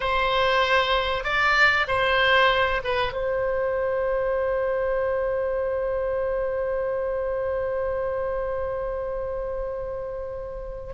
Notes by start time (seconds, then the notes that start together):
0.00 C5
1.24 D5
1.88 C5
2.84 B4
3.12 C5